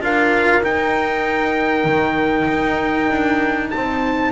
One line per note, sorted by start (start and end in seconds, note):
0.00 0.62 D4
0.00 0.62 F4
0.00 3.74 A#4
0.00 0.64 F5
0.62 4.32 D#4
0.62 1.84 D#4
0.62 3.70 G5
1.84 2.46 D#3
2.47 3.09 D#4
3.09 3.71 D4
3.70 4.32 C4
3.70 4.32 C5
3.70 4.32 A5